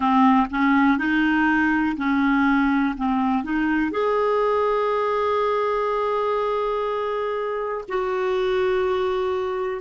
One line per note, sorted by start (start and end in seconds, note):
0.00 0.47 C4
0.50 0.98 C#4
0.98 1.96 D#4
1.97 2.95 C#4
2.96 3.43 C4
3.43 3.91 D#4
3.91 7.84 G#4
7.88 9.81 F#4